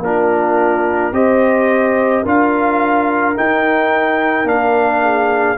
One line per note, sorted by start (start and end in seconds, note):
0.00 1.11 A#3
0.00 1.14 D4
0.00 1.15 F4
0.00 1.14 A#4
1.13 2.24 C4
1.13 2.25 G4
1.13 2.24 C5
1.13 2.25 D#5
2.24 3.37 D4
2.24 3.36 F4
2.24 5.01 A#4
2.24 3.38 F5
3.36 4.46 D#4
3.36 4.45 D#4
3.36 4.48 G5
4.45 5.56 A#3
4.45 5.57 D4
4.45 5.58 F5
5.02 5.58 G#4